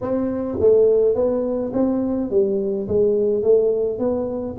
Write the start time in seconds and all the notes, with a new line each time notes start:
0.01 C4
0.60 A3
1.14 B3
1.73 C4
2.30 G3
2.88 G#3
3.43 A3
3.98 B3